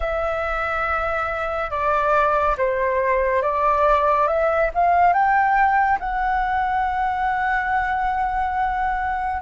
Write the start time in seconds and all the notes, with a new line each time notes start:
0.00 E5
1.70 D5
2.57 C5
3.42 D5
4.27 E5
4.74 F5
5.13 G5
5.99 F#5